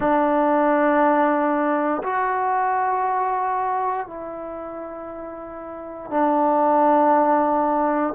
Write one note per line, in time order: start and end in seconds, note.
0.00 2.02 D4
2.03 4.06 F#4
4.07 6.10 E4
6.10 8.14 D4